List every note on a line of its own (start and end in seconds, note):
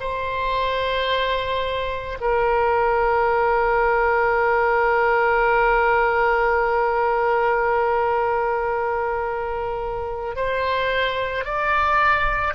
0.00 2.18 C5
2.21 10.35 A#4
10.35 11.44 C5
11.44 12.54 D5